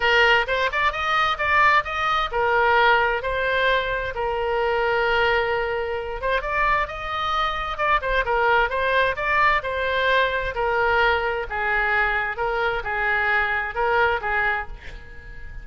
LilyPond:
\new Staff \with { instrumentName = "oboe" } { \time 4/4 \tempo 4 = 131 ais'4 c''8 d''8 dis''4 d''4 | dis''4 ais'2 c''4~ | c''4 ais'2.~ | ais'4. c''8 d''4 dis''4~ |
dis''4 d''8 c''8 ais'4 c''4 | d''4 c''2 ais'4~ | ais'4 gis'2 ais'4 | gis'2 ais'4 gis'4 | }